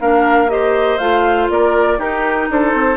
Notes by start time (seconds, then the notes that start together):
0.00 A#3 D4 A#4 F5
0.49 G4 C5 D#5
0.98 A3 F4 F5
1.50 A#3 A#4 D5
1.98 D#4 G4 A#4
2.50 D4 A4 C5
2.74 C4